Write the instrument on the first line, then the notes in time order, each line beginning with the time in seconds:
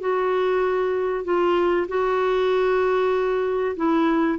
clarinet
0.00 F#4
1.24 F4
1.88 F#4
3.76 E4